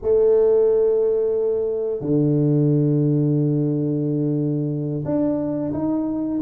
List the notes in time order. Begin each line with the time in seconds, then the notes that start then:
0.02 A3
2.00 D3
5.05 D4
5.73 D#4